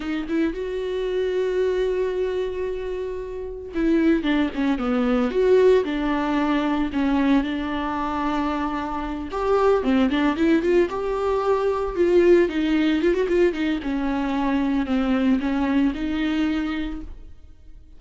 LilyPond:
\new Staff \with { instrumentName = "viola" } { \time 4/4 \tempo 4 = 113 dis'8 e'8 fis'2.~ | fis'2. e'4 | d'8 cis'8 b4 fis'4 d'4~ | d'4 cis'4 d'2~ |
d'4. g'4 c'8 d'8 e'8 | f'8 g'2 f'4 dis'8~ | dis'8 f'16 fis'16 f'8 dis'8 cis'2 | c'4 cis'4 dis'2 | }